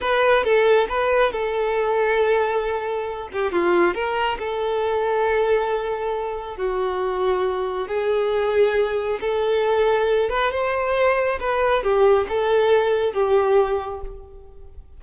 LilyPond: \new Staff \with { instrumentName = "violin" } { \time 4/4 \tempo 4 = 137 b'4 a'4 b'4 a'4~ | a'2.~ a'8 g'8 | f'4 ais'4 a'2~ | a'2. fis'4~ |
fis'2 gis'2~ | gis'4 a'2~ a'8 b'8 | c''2 b'4 g'4 | a'2 g'2 | }